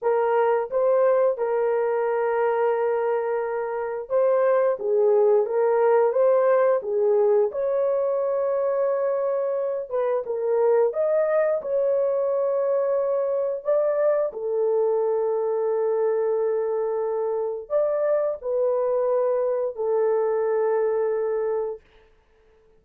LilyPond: \new Staff \with { instrumentName = "horn" } { \time 4/4 \tempo 4 = 88 ais'4 c''4 ais'2~ | ais'2 c''4 gis'4 | ais'4 c''4 gis'4 cis''4~ | cis''2~ cis''8 b'8 ais'4 |
dis''4 cis''2. | d''4 a'2.~ | a'2 d''4 b'4~ | b'4 a'2. | }